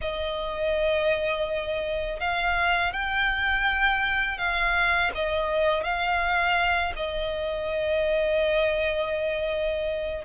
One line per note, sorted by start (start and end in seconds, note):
0.01 2.20 D#5
2.20 2.93 F5
2.93 4.38 G5
4.38 5.11 F5
5.15 5.83 D#5
5.83 6.93 F5
6.95 10.24 D#5